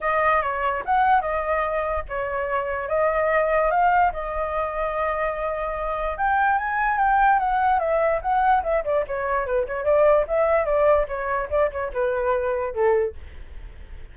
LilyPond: \new Staff \with { instrumentName = "flute" } { \time 4/4 \tempo 4 = 146 dis''4 cis''4 fis''4 dis''4~ | dis''4 cis''2 dis''4~ | dis''4 f''4 dis''2~ | dis''2. g''4 |
gis''4 g''4 fis''4 e''4 | fis''4 e''8 d''8 cis''4 b'8 cis''8 | d''4 e''4 d''4 cis''4 | d''8 cis''8 b'2 a'4 | }